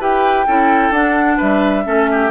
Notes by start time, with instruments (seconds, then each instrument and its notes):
0.00 bassoon E4, clarinet G4, oboe B4, flute G5
0.47 bassoon C#4, clarinet E4, oboe A4
0.90 bassoon D4, clarinet D4, flute F#5
1.37 bassoon G3, oboe B4, flute E5
1.85 bassoon A3, clarinet C#4, oboe A4
2.12 oboe G4